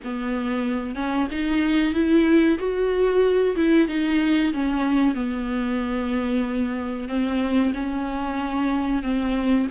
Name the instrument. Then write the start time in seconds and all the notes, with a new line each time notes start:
viola
0.04 B3
0.95 C#4
1.31 D#4
1.94 E4
2.58 F#4
3.56 E4
3.88 D#4
4.53 C#4
5.14 B3
7.08 C4
7.74 C#4
9.02 C4